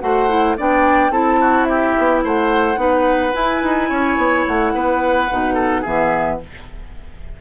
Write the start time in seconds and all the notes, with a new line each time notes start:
0.00 A3 F#4 C5 F#5
0.28 E4
0.57 B3 D4 D5 G5
1.10 C4 E4 A4 A5
1.40 F#4
1.64 G4 E5
1.98 B3
2.24 A3 C5 F#5
2.76 B3 D#4 B4
3.33 E4 G#5
3.62 D#4
3.89 C#4 C#5
4.17 B3
4.47 A3 F#5
4.74 B3 B4
5.31 B2 D#4
5.54 A4
5.81 E3 B3 G#4 E5